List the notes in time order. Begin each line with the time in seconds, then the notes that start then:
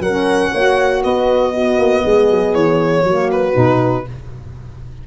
0.00 F#3 A#4 F#5
0.07 C#4
0.52 A#3 F#4 C#5
1.04 B3 B4 D#5
1.53 B3 F#4
1.79 A#3
2.04 G#3 G#4
2.30 F#3
2.55 E3 C#5
3.04 F#3 A#3 F#4
3.32 B4
3.54 B2 D#4